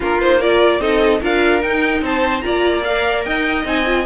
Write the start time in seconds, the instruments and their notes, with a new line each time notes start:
0.00 cello A#3, viola D4, violin F4 A#4
0.21 viola D#4, violin C5
0.39 viola F4, violin A#4 D5
0.79 cello C4, viola D#4, violin A4 D#5
1.20 cello D4, viola F4, violin A#4 F5
1.61 viola D#4, cello D#4, violin G5
2.01 cello C4, violin C5 A5
2.41 cello A#3, viola F4, violin D5 A#5
2.83 viola A#4, violin F5
3.24 cello D#4, violin D#5 G5
3.64 cello C4, viola D#4, violin G#5
3.85 viola F4